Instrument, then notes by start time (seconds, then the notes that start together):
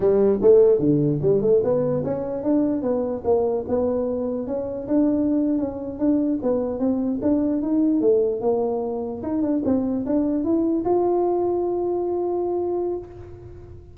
tuba
0.00 G3
0.41 A3
0.79 D3
1.21 G3
1.41 A3
1.63 B3
2.04 C#4
2.43 D4
2.82 B3
3.24 A#3
3.68 B3
4.46 C#4
4.87 D4
5.58 C#4
5.98 D4
6.42 B3
6.79 C4
7.22 D4
7.61 D#4
8.00 A3
8.40 A#3
9.22 D#4
9.42 D4
9.64 C4
10.05 D4
10.44 E4
10.84 F4